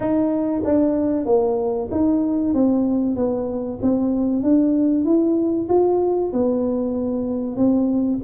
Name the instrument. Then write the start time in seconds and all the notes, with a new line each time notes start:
tuba
0.00 D#4
0.64 D4
1.25 A#3
1.91 D#4
2.53 C4
3.16 B3
3.82 C4
4.42 D4
5.04 E4
5.68 F4
6.32 B3
7.56 C4